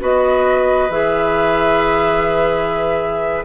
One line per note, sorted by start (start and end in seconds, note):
0.00 0.90 B3
0.00 0.89 F#4
0.00 3.45 B4
0.00 0.91 D#5
0.90 3.45 E3
0.90 3.45 G#4
0.90 3.45 E5